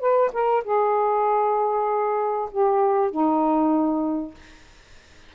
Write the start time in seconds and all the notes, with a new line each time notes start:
0.00 B4
0.33 A#4
0.64 G#4
2.51 G4
3.11 D#4